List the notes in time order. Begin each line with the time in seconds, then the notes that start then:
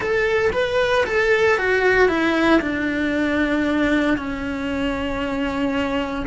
0.00 A4
0.52 B4
1.06 A4
1.58 F#4
2.08 E4
2.60 D4
4.17 C#4